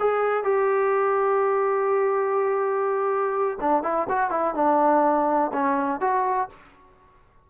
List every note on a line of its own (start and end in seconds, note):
0.00 0.44 G#4
0.44 3.59 G4
3.61 3.83 D4
3.83 4.08 E4
4.09 4.31 F#4
4.31 4.55 E4
4.55 5.52 D4
5.53 6.01 C#4
6.01 6.49 F#4